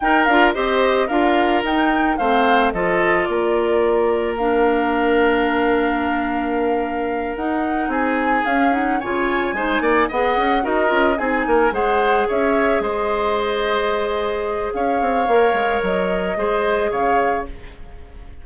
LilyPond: <<
  \new Staff \with { instrumentName = "flute" } { \time 4/4 \tempo 4 = 110 g''8 f''8 dis''4 f''4 g''4 | f''4 dis''4 d''2 | f''1~ | f''4. fis''4 gis''4 f''8 |
fis''8 gis''2 fis''4 dis''8~ | dis''8 gis''4 fis''4 e''4 dis''8~ | dis''2. f''4~ | f''4 dis''2 f''4 | }
  \new Staff \with { instrumentName = "oboe" } { \time 4/4 ais'4 c''4 ais'2 | c''4 a'4 ais'2~ | ais'1~ | ais'2~ ais'8 gis'4.~ |
gis'8 cis''4 c''8 d''8 dis''4 ais'8~ | ais'8 gis'8 ais'8 c''4 cis''4 c''8~ | c''2. cis''4~ | cis''2 c''4 cis''4 | }
  \new Staff \with { instrumentName = "clarinet" } { \time 4/4 dis'8 f'8 g'4 f'4 dis'4 | c'4 f'2. | d'1~ | d'4. dis'2 cis'8 |
dis'8 f'4 dis'4 gis'4 fis'8 | f'8 dis'4 gis'2~ gis'8~ | gis'1 | ais'2 gis'2 | }
  \new Staff \with { instrumentName = "bassoon" } { \time 4/4 dis'8 d'8 c'4 d'4 dis'4 | a4 f4 ais2~ | ais1~ | ais4. dis'4 c'4 cis'8~ |
cis'8 cis4 gis8 ais8 b8 cis'8 dis'8 | cis'8 c'8 ais8 gis4 cis'4 gis8~ | gis2. cis'8 c'8 | ais8 gis8 fis4 gis4 cis4 | }
>>